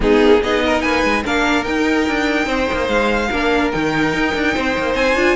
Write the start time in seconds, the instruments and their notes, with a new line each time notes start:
0.00 cello G#3, viola B3, violin D#4 G#4
0.21 cello A#3
0.41 cello B3, viola D#4, violin G#4 D#5
0.65 violin A#4
0.81 cello A#3, violin B4 G#5
1.03 cello G#3
1.24 cello A#3, viola D4, violin A#4 F5
1.64 viola D#4, cello D#4, violin G5
2.08 cello D4
2.46 cello C4, violin C5
2.72 cello A#3
2.88 cello G#3, violin F5
3.30 cello A#3, viola D4, violin A#4
3.71 cello D#3, viola D#4, violin G5
4.13 cello D#4
4.34 cello D4
4.54 cello C4, violin C5
4.77 cello A#3
4.94 cello C4, violin G#5
5.15 cello D4, viola F4